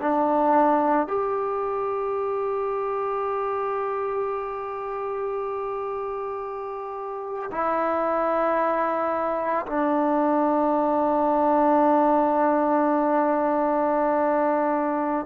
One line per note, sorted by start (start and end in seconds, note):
0.00 1.07 D4
1.07 7.50 G4
7.51 9.65 E4
9.66 15.26 D4